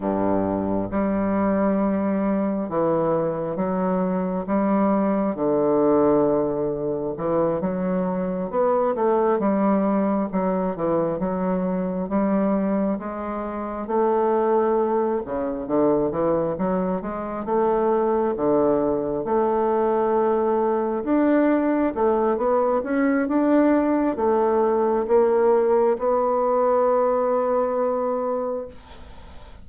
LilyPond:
\new Staff \with { instrumentName = "bassoon" } { \time 4/4 \tempo 4 = 67 g,4 g2 e4 | fis4 g4 d2 | e8 fis4 b8 a8 g4 fis8 | e8 fis4 g4 gis4 a8~ |
a4 cis8 d8 e8 fis8 gis8 a8~ | a8 d4 a2 d'8~ | d'8 a8 b8 cis'8 d'4 a4 | ais4 b2. | }